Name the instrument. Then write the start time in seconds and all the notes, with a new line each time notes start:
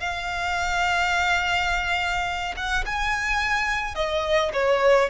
violin
0.00 F5
2.57 F#5
2.86 G#5
3.95 D#5
4.53 C#5